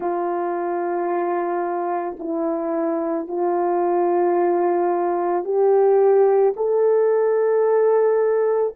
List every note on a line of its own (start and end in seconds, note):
0.00 2.16 F4
2.19 3.27 E4
3.27 5.44 F4
5.44 6.53 G4
6.56 8.74 A4